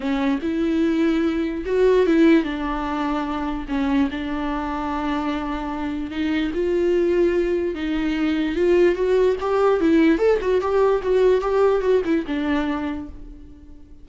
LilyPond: \new Staff \with { instrumentName = "viola" } { \time 4/4 \tempo 4 = 147 cis'4 e'2. | fis'4 e'4 d'2~ | d'4 cis'4 d'2~ | d'2. dis'4 |
f'2. dis'4~ | dis'4 f'4 fis'4 g'4 | e'4 a'8 fis'8 g'4 fis'4 | g'4 fis'8 e'8 d'2 | }